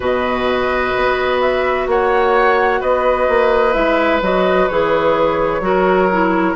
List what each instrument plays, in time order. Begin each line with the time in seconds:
0.00 bassoon B2, clarinet F#4, oboe B4, flute D#5
0.96 bassoon B3
1.40 flute E5
1.87 bassoon A#3, oboe C#5, flute F#5
2.80 bassoon B3, oboe B4, flute D#5
3.28 bassoon A#3
3.73 bassoon G#3, clarinet E4, flute E5
4.21 bassoon F#3, clarinet F#4, flute D#5
4.68 bassoon E3, clarinet G#4, flute C#5
5.60 bassoon F#3, clarinet F#4, oboe A#4
6.11 clarinet E4